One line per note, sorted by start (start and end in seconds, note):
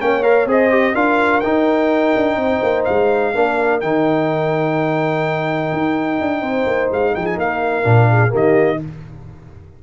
0.00 0.46 A#3
0.00 0.23 C#4
0.00 0.49 C#5
0.00 0.23 G5
0.23 0.47 A#4
0.23 0.47 F5
0.46 0.93 C4
0.46 0.70 G#4
0.46 0.94 C5
0.46 0.95 D#5
0.70 0.94 G4
0.94 1.42 D4
0.94 1.43 F4
0.94 2.37 A#4
0.94 1.41 F5
1.41 2.15 D#4
1.41 3.34 D#4
1.41 2.83 G5
2.16 2.37 D4
2.37 2.60 C4
2.37 3.34 C5
2.63 2.87 A#3
2.85 3.35 G#3
2.85 3.80 F5
3.34 3.83 A#3
3.34 3.82 D4
3.34 6.42 A#4
3.81 5.72 D#3
3.81 7.84 D#4
3.81 6.90 G5
5.72 6.20 D#4
6.21 6.42 D4
6.42 6.66 C4
6.42 7.14 C5
6.67 6.90 A#3
6.91 7.15 G#3
6.91 7.15 F5
7.14 7.37 F3
7.14 7.38 G#4
7.14 7.26 G5
7.26 7.38 G#5
7.37 7.85 A#3
7.37 8.11 A#4
7.37 8.35 F5
7.84 8.33 A#2
7.84 8.29 D4
8.11 8.32 G#4
8.29 8.82 D#3
8.29 8.77 A#3
8.29 8.80 G4
8.36 8.83 D#5